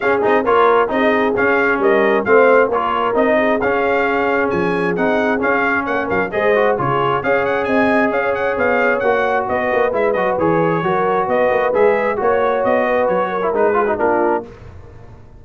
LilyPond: <<
  \new Staff \with { instrumentName = "trumpet" } { \time 4/4 \tempo 4 = 133 f''8 dis''8 cis''4 dis''4 f''4 | dis''4 f''4 cis''4 dis''4 | f''2 gis''4 fis''4 | f''4 fis''8 f''8 dis''4 cis''4 |
f''8 fis''8 gis''4 f''8 fis''8 f''4 | fis''4 dis''4 e''8 dis''8 cis''4~ | cis''4 dis''4 e''4 cis''4 | dis''4 cis''4 b'4 ais'4 | }
  \new Staff \with { instrumentName = "horn" } { \time 4/4 gis'4 ais'4 gis'2 | ais'4 c''4 ais'4. gis'8~ | gis'1~ | gis'4 cis''8 ais'8 c''4 gis'4 |
cis''4 dis''4 cis''2~ | cis''4 b'2. | ais'4 b'2 cis''4~ | cis''8 b'4 ais'4 gis'16 fis'16 f'4 | }
  \new Staff \with { instrumentName = "trombone" } { \time 4/4 cis'8 dis'8 f'4 dis'4 cis'4~ | cis'4 c'4 f'4 dis'4 | cis'2. dis'4 | cis'2 gis'8 fis'8 f'4 |
gis'1 | fis'2 e'8 fis'8 gis'4 | fis'2 gis'4 fis'4~ | fis'4.~ fis'16 e'16 dis'8 f'16 dis'16 d'4 | }
  \new Staff \with { instrumentName = "tuba" } { \time 4/4 cis'8 c'8 ais4 c'4 cis'4 | g4 a4 ais4 c'4 | cis'2 f4 c'4 | cis'4 ais8 fis8 gis4 cis4 |
cis'4 c'4 cis'4 b4 | ais4 b8 ais8 gis8 fis8 e4 | fis4 b8 ais8 gis4 ais4 | b4 fis4 gis4 ais4 | }
>>